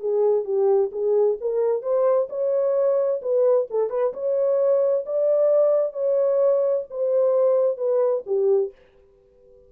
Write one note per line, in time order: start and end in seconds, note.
0.00 0.45 G#4
0.45 0.91 G4
0.92 1.38 G#4
1.41 1.82 A#4
1.82 2.28 C5
2.30 3.21 C#5
3.22 3.68 B4
3.70 3.90 A4
3.90 4.13 B4
4.13 5.05 C#5
5.06 5.93 D5
5.93 6.84 C#5
6.90 7.78 C5
7.78 8.24 B4
8.26 8.72 G4